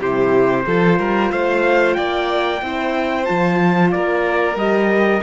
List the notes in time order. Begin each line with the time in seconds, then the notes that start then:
0.00 C3 E4 G4 C5
0.67 F3 F4 A4
0.99 G3 A#4
1.32 A3 C5 F5
1.95 A#3 D5 G5
2.62 C4 E4 C5
3.24 F3 F4 A5
3.92 A#3 A#4 D5
4.56 G3 G4 D#5